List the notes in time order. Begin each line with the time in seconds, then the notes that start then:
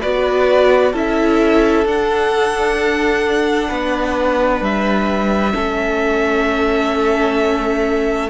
0.00 B3 F#4 B4 D5
0.92 C#4 E4 A4 E5
1.85 D4 F#5
3.68 B3 B4
4.61 G3 E5
5.52 A3 C#4 A4